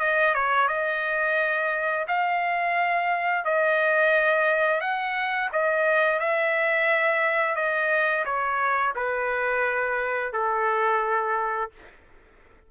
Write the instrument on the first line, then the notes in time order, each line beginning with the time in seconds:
trumpet
0.00 D#5
0.34 C#5
0.68 D#5
2.08 F5
3.45 D#5
4.81 F#5
5.53 D#5
6.20 E5
7.56 D#5
8.25 C#5
8.96 B4
10.33 A4